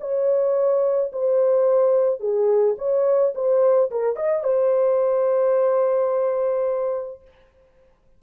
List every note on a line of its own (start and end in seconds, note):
0.00 1.11 C#5
1.12 2.20 C5
2.20 2.76 G#4
2.78 3.33 C#5
3.35 3.90 C5
3.91 4.16 A#4
4.16 4.43 D#5
4.43 7.21 C5